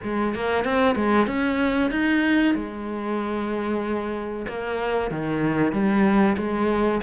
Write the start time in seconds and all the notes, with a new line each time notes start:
0.03 G#3
0.34 A#3
0.64 C4
0.95 G#3
1.26 C#4
1.90 D#4
2.54 G#3
4.48 A#3
5.10 D#3
5.72 G3
6.37 G#3